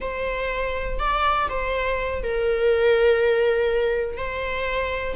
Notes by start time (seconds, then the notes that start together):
0.00 C5
0.99 D5
1.49 C5
2.23 A#4
4.17 C5